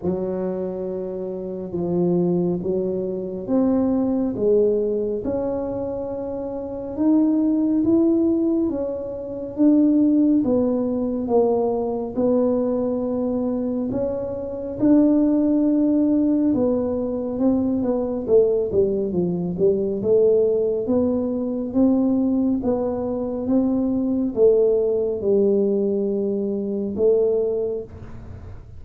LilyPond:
\new Staff \with { instrumentName = "tuba" } { \time 4/4 \tempo 4 = 69 fis2 f4 fis4 | c'4 gis4 cis'2 | dis'4 e'4 cis'4 d'4 | b4 ais4 b2 |
cis'4 d'2 b4 | c'8 b8 a8 g8 f8 g8 a4 | b4 c'4 b4 c'4 | a4 g2 a4 | }